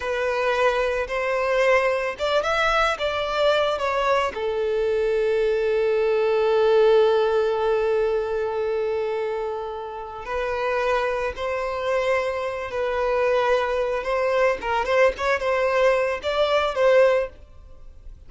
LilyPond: \new Staff \with { instrumentName = "violin" } { \time 4/4 \tempo 4 = 111 b'2 c''2 | d''8 e''4 d''4. cis''4 | a'1~ | a'1~ |
a'2. b'4~ | b'4 c''2~ c''8 b'8~ | b'2 c''4 ais'8 c''8 | cis''8 c''4. d''4 c''4 | }